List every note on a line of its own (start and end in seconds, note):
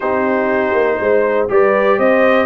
0.00 0.72 C4
0.00 1.48 D#4
0.00 0.98 G4
0.00 1.48 C5
0.72 0.97 A#3
1.00 1.49 G#3
1.00 1.51 C5
1.48 1.98 G3
1.48 2.46 G4
1.48 1.98 B4
1.48 1.99 D5
1.98 2.46 C4
1.98 2.46 C5
1.98 2.46 D#5